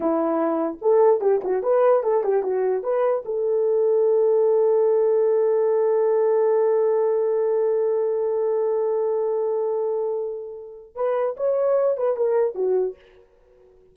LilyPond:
\new Staff \with { instrumentName = "horn" } { \time 4/4 \tempo 4 = 148 e'2 a'4 g'8 fis'8 | b'4 a'8 g'8 fis'4 b'4 | a'1~ | a'1~ |
a'1~ | a'1~ | a'2. b'4 | cis''4. b'8 ais'4 fis'4 | }